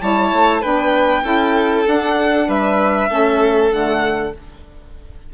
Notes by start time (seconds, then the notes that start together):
0.00 G3 E4 C#5 A5
0.32 A3
0.61 B3 D4 B4 G5
1.23 C#4 E4 A4
1.85 D4 F#5
2.48 G3 B4 E5
3.09 A3 C#4 A4
3.70 D3 A3 F#5